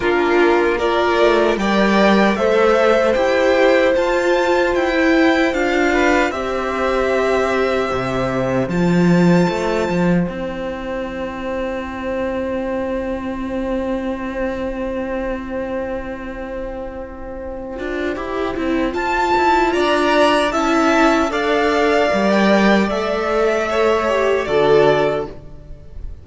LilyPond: <<
  \new Staff \with { instrumentName = "violin" } { \time 4/4 \tempo 4 = 76 ais'4 d''4 g''4 e''4 | g''4 a''4 g''4 f''4 | e''2. a''4~ | a''4 g''2.~ |
g''1~ | g''1 | a''4 ais''4 a''4 f''4~ | f''16 g''8. e''2 d''4 | }
  \new Staff \with { instrumentName = "violin" } { \time 4/4 f'4 ais'4 d''4 c''4~ | c''2.~ c''8 b'8 | c''1~ | c''1~ |
c''1~ | c''1~ | c''4 d''4 e''4 d''4~ | d''2 cis''4 a'4 | }
  \new Staff \with { instrumentName = "viola" } { \time 4/4 d'4 f'4 ais'4 a'4 | g'4 f'4~ f'16 e'8. f'4 | g'2. f'4~ | f'4 e'2.~ |
e'1~ | e'2~ e'8 f'8 g'8 e'8 | f'2 e'4 a'4 | ais'4 a'4. g'8 fis'4 | }
  \new Staff \with { instrumentName = "cello" } { \time 4/4 ais4. a8 g4 a4 | e'4 f'4 e'4 d'4 | c'2 c4 f4 | a8 f8 c'2.~ |
c'1~ | c'2~ c'8 d'8 e'8 c'8 | f'8 e'8 d'4 cis'4 d'4 | g4 a2 d4 | }
>>